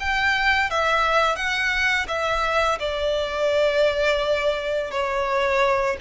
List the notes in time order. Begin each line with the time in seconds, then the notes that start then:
0.00 G5
0.71 E5
1.36 F#5
2.08 E5
2.79 D5
4.91 C#5